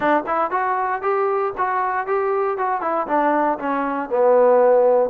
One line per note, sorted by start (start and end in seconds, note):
0.00 0.23 D4
0.26 0.50 E4
0.50 1.01 F#4
1.02 1.53 G4
1.57 2.07 F#4
2.07 2.57 G4
2.57 2.81 F#4
2.81 3.06 E4
3.07 3.58 D4
3.58 4.09 C#4
4.09 5.09 B3